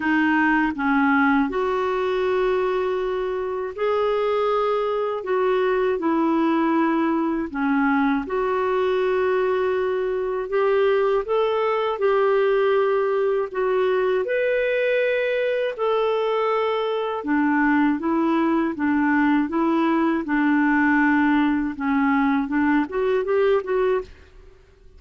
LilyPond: \new Staff \with { instrumentName = "clarinet" } { \time 4/4 \tempo 4 = 80 dis'4 cis'4 fis'2~ | fis'4 gis'2 fis'4 | e'2 cis'4 fis'4~ | fis'2 g'4 a'4 |
g'2 fis'4 b'4~ | b'4 a'2 d'4 | e'4 d'4 e'4 d'4~ | d'4 cis'4 d'8 fis'8 g'8 fis'8 | }